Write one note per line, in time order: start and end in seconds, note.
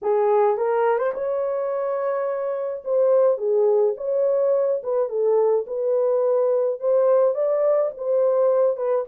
0.02 0.57 G#4
0.57 0.98 A#4
0.98 1.12 C5
1.13 2.83 C#5
2.84 3.37 C5
3.37 3.94 G#4
3.96 4.81 C#5
4.83 5.08 B4
5.08 5.65 A4
5.67 6.80 B4
6.80 7.34 C5
7.34 7.90 D5
7.97 8.76 C5
8.76 9.05 B4